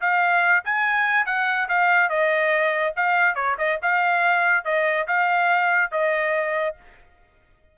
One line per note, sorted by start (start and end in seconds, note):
0.00 0.63 F5
0.64 1.25 G#5
1.25 1.68 F#5
1.68 2.09 F5
2.09 2.93 D#5
2.96 3.35 F5
3.35 3.56 C#5
3.58 3.79 D#5
3.82 4.64 F5
4.64 5.06 D#5
5.07 5.91 F5
5.91 6.75 D#5